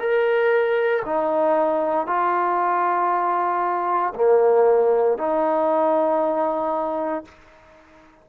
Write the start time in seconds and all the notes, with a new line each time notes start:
0.00 A#4
1.05 D#4
2.07 F4
4.15 A#3
5.18 D#4